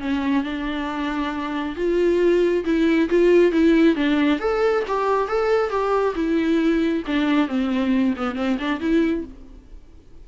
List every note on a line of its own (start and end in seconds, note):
0.00 0.43 C#4
0.43 1.75 D4
1.76 2.64 F4
2.65 3.09 E4
3.09 3.51 F4
3.51 3.95 E4
3.95 4.39 D4
4.39 4.83 A4
4.87 5.27 G4
5.27 5.69 A4
5.69 6.13 G4
6.15 7.03 E4
7.06 7.48 D4
7.48 8.14 C4
8.16 8.35 B3
8.35 8.57 C4
8.59 8.80 D4
8.80 9.24 E4